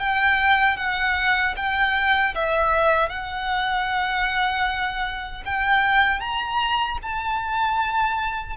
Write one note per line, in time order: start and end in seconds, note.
0.00 0.77 G5
0.77 1.55 F#5
1.57 2.35 G5
2.35 3.10 E5
3.10 5.44 F#5
5.46 6.21 G5
6.21 6.98 A#5
7.03 8.57 A5